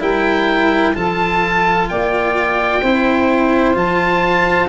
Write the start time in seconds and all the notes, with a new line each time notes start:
0.00 G3 E4 A#4 G5
0.94 F3 F4 A4 A5
1.89 A#3 D5 G5
2.82 C4 E4 C5
3.74 F3 F4 A5